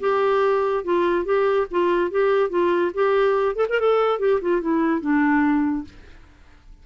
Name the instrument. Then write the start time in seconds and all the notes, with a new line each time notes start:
clarinet
0.00 G4
0.84 F4
1.24 G4
1.71 F4
2.10 G4
2.49 F4
2.94 G4
3.55 A4
3.69 A#4
3.79 A4
4.19 G4
4.41 F4
4.61 E4
5.00 D4